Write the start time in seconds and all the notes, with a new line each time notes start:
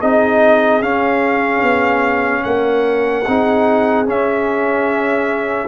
0.00 C4 D#4 G#4 D#5
0.82 C#4 F5
1.63 B3
2.44 A#3 A#4 F#5
3.28 C4 D#4 G#4
4.06 C#4 E5